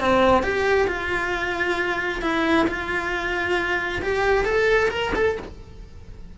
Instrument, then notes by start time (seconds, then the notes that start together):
cello
0.00 C4
0.43 G4
0.88 F4
2.22 E4
2.67 F4
4.02 G4
4.45 A4
4.90 A#4
5.15 A4